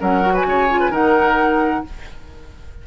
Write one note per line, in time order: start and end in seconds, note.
0.00 0.45 F#3
0.00 0.22 C#4
0.00 0.34 A#4
0.00 0.36 F#5
0.22 0.68 F#4
0.34 0.45 B4
0.34 0.94 G#5
0.45 0.90 C#3
0.45 0.80 C#5
0.69 0.91 F4
0.80 0.91 B4
0.90 1.83 D#3
0.90 1.84 D#4
0.90 1.84 A#4
0.90 1.87 F#5